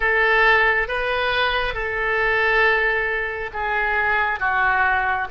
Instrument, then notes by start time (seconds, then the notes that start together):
oboe
0.00 A4
0.87 B4
1.74 A4
3.53 G#4
4.39 F#4